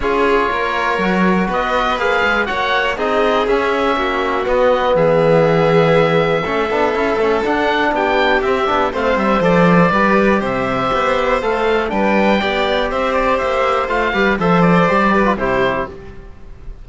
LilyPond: <<
  \new Staff \with { instrumentName = "oboe" } { \time 4/4 \tempo 4 = 121 cis''2. dis''4 | f''4 fis''4 dis''4 e''4~ | e''4 dis''4 e''2~ | e''2. fis''4 |
g''4 e''4 f''8 e''8 d''4~ | d''4 e''2 f''4 | g''2 e''8 d''8 e''4 | f''4 e''8 d''4. c''4 | }
  \new Staff \with { instrumentName = "violin" } { \time 4/4 gis'4 ais'2 b'4~ | b'4 cis''4 gis'2 | fis'2 gis'2~ | gis'4 a'2. |
g'2 c''2 | b'4 c''2. | b'4 d''4 c''2~ | c''8 b'8 c''4. b'8 g'4 | }
  \new Staff \with { instrumentName = "trombone" } { \time 4/4 f'2 fis'2 | gis'4 fis'4 dis'4 cis'4~ | cis'4 b2.~ | b4 cis'8 d'8 e'8 cis'8 d'4~ |
d'4 c'8 d'8 c'4 a'4 | g'2. a'4 | d'4 g'2. | f'8 g'8 a'4 g'8. f'16 e'4 | }
  \new Staff \with { instrumentName = "cello" } { \time 4/4 cis'4 ais4 fis4 b4 | ais8 gis8 ais4 c'4 cis'4 | ais4 b4 e2~ | e4 a8 b8 cis'8 a8 d'4 |
b4 c'8 b8 a8 g8 f4 | g4 c4 b4 a4 | g4 b4 c'4 ais4 | a8 g8 f4 g4 c4 | }
>>